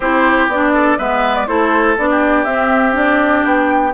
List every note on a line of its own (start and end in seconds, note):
0.00 0.47 C4
0.00 0.50 E4
0.00 0.72 G4
0.00 0.49 C5
0.47 0.96 B3
0.47 0.98 D4
0.47 0.98 D5
0.73 0.98 A4
0.98 1.48 G#3
0.98 1.47 B3
0.98 1.47 B4
0.98 1.35 E5
1.35 1.47 D5
1.47 1.97 A3
1.47 1.96 E4
1.47 2.09 A4
1.47 1.96 C5
1.98 2.45 B3
1.98 2.47 D4
1.98 2.44 D5
2.10 3.93 G4
2.44 3.44 C4
2.44 2.92 C4
2.44 2.93 E5
2.92 3.91 D4
2.92 3.44 D5
3.44 3.93 B3
3.44 3.93 G5